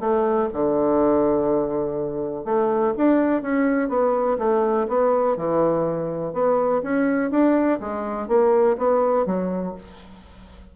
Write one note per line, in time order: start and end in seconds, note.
0.00 0.49 A3
0.53 2.45 D3
2.45 2.94 A3
2.98 3.42 D4
3.42 3.89 C#4
3.89 4.38 B3
4.39 4.87 A3
4.88 5.37 B3
5.37 6.33 E3
6.33 6.82 B3
6.83 7.31 C#4
7.31 7.80 D4
7.80 8.28 G#3
8.28 8.77 A#3
8.78 9.26 B3
9.26 9.75 F#3